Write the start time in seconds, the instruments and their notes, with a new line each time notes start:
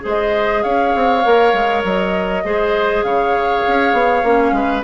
0.00 bassoon G#3, clarinet G#4, oboe C5
0.07 flute D#5
0.62 bassoon C#4, oboe C#5, flute F5
0.94 bassoon C4
1.24 bassoon A#3, clarinet A#4
1.53 bassoon G#3
1.83 bassoon F#3, flute D#5
2.44 bassoon G#3, clarinet G#4, oboe C5
3.03 bassoon C#3, oboe C#5, flute F5
3.67 bassoon C#4
3.92 bassoon B3
4.23 bassoon A#3, clarinet C#4
4.52 bassoon G#3, oboe B4